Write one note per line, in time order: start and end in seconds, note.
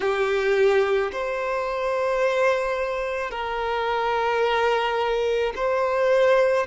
0.00 1.11 G4
1.12 3.30 C5
3.30 5.53 A#4
5.56 6.67 C5